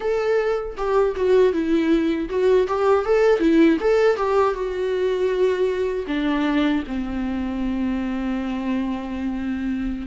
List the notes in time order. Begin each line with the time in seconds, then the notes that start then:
0.00 A4
0.77 G4
1.16 F#4
1.53 E4
2.29 F#4
2.67 G4
3.05 A4
3.39 E4
3.80 A4
4.16 G4
4.54 F#4
6.07 D4
6.87 C4